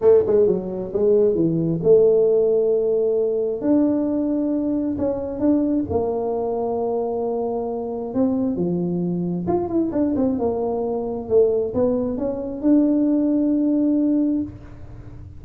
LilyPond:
\new Staff \with { instrumentName = "tuba" } { \time 4/4 \tempo 4 = 133 a8 gis8 fis4 gis4 e4 | a1 | d'2. cis'4 | d'4 ais2.~ |
ais2 c'4 f4~ | f4 f'8 e'8 d'8 c'8 ais4~ | ais4 a4 b4 cis'4 | d'1 | }